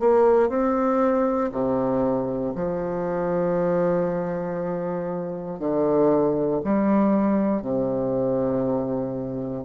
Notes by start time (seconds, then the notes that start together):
0.00 A#3
0.49 C4
1.53 C3
2.55 F3
5.59 D3
6.65 G3
7.62 C3